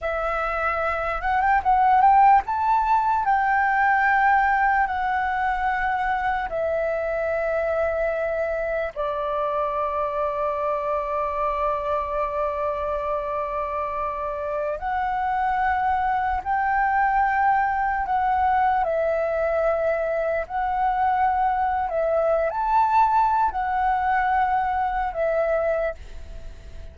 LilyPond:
\new Staff \with { instrumentName = "flute" } { \time 4/4 \tempo 4 = 74 e''4. fis''16 g''16 fis''8 g''8 a''4 | g''2 fis''2 | e''2. d''4~ | d''1~ |
d''2~ d''16 fis''4.~ fis''16~ | fis''16 g''2 fis''4 e''8.~ | e''4~ e''16 fis''4.~ fis''16 e''8. a''16~ | a''4 fis''2 e''4 | }